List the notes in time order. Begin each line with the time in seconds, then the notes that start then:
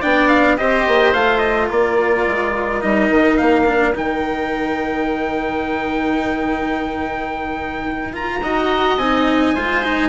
0.00 B3 D4 D5 G5
0.28 F5
0.57 C4 G4 C5 D#5
0.87 A#3
1.13 A3 F4 F5
1.38 D#5
1.68 A#3 A#4 D5
2.27 G#3
2.81 G3 D#4 D#5
3.10 D#3
3.37 A#3 F5
3.66 D4
3.94 D#3 D#4 G5
8.13 F4 A#5
8.42 D#4 F#4 D#5
8.97 C4 D#4 G#5
9.54 G#3 F4 C5
9.83 D#4